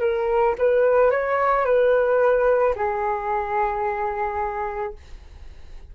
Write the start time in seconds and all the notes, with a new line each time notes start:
0.00 A#4
0.59 B4
1.11 C#5
1.65 B4
2.76 G#4